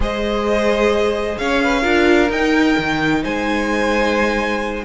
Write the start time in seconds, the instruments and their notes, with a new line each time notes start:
0.00 cello G#3, viola G#4, violin C5 D#5
1.38 cello C#4, violin C#5 F5
1.62 violin B4
1.81 cello D4, viola F4, violin A#4
2.29 cello D#4, viola D#4, violin G5
2.77 cello D#3
3.22 cello G#3, violin C5 G#5